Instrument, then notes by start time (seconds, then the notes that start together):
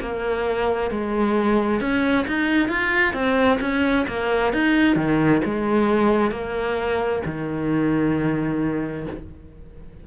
cello
0.00 A#3
0.90 G#3
1.80 C#4
2.27 D#4
2.68 F4
3.13 C4
3.60 C#4
4.07 A#3
4.52 D#4
4.95 D#3
5.44 G#3
6.31 A#3
7.25 D#3